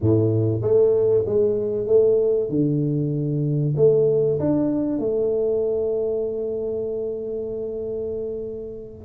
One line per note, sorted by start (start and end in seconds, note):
0.00 0.61 A2
0.61 1.24 A3
1.26 1.86 G#3
1.86 2.49 A3
2.49 3.74 D3
3.76 4.39 A3
4.39 4.99 D4
4.99 9.04 A3